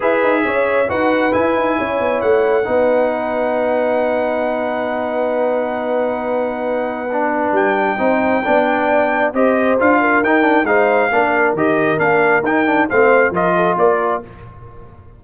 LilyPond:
<<
  \new Staff \with { instrumentName = "trumpet" } { \time 4/4 \tempo 4 = 135 e''2 fis''4 gis''4~ | gis''4 fis''2.~ | fis''1~ | fis''1~ |
fis''4 g''2.~ | g''4 dis''4 f''4 g''4 | f''2 dis''4 f''4 | g''4 f''4 dis''4 d''4 | }
  \new Staff \with { instrumentName = "horn" } { \time 4/4 b'4 cis''4 b'2 | cis''2 b'2~ | b'1~ | b'1~ |
b'2 c''4 d''4~ | d''4 c''4. ais'4. | c''4 ais'2.~ | ais'4 c''4 ais'8 a'8 ais'4 | }
  \new Staff \with { instrumentName = "trombone" } { \time 4/4 gis'2 fis'4 e'4~ | e'2 dis'2~ | dis'1~ | dis'1 |
d'2 dis'4 d'4~ | d'4 g'4 f'4 dis'8 d'8 | dis'4 d'4 g'4 d'4 | dis'8 d'8 c'4 f'2 | }
  \new Staff \with { instrumentName = "tuba" } { \time 4/4 e'8 dis'8 cis'4 dis'4 e'8 dis'8 | cis'8 b8 a4 b2~ | b1~ | b1~ |
b4 g4 c'4 b4~ | b4 c'4 d'4 dis'4 | gis4 ais4 dis4 ais4 | dis'4 a4 f4 ais4 | }
>>